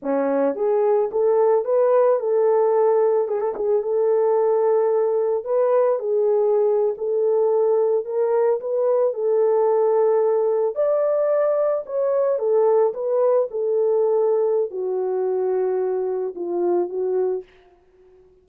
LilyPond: \new Staff \with { instrumentName = "horn" } { \time 4/4 \tempo 4 = 110 cis'4 gis'4 a'4 b'4 | a'2 gis'16 a'16 gis'8 a'4~ | a'2 b'4 gis'4~ | gis'8. a'2 ais'4 b'16~ |
b'8. a'2. d''16~ | d''4.~ d''16 cis''4 a'4 b'16~ | b'8. a'2~ a'16 fis'4~ | fis'2 f'4 fis'4 | }